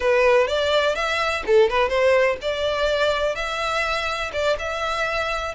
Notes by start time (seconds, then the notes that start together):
0.00 B4
0.47 D5
0.95 E5
1.46 A4
1.69 B4
1.89 C5
2.41 D5
3.35 E5
4.32 D5
4.58 E5